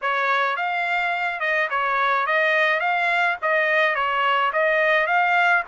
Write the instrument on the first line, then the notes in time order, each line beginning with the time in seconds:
trumpet
0.01 C#5
0.56 F5
1.40 D#5
1.70 C#5
2.26 D#5
2.80 F5
3.42 D#5
3.95 C#5
4.53 D#5
5.06 F5